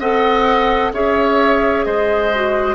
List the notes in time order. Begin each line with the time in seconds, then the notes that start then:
0.00 C4 A4 D#5 F#5
0.93 C#4 G#4 C#5 E5
1.85 G#3 C5 D#5
2.35 F#4